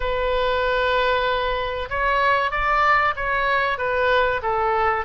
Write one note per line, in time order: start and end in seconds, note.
0.00 1.89 B4
1.89 2.51 C#5
2.51 3.14 D5
3.16 3.78 C#5
3.78 4.41 B4
4.42 5.05 A4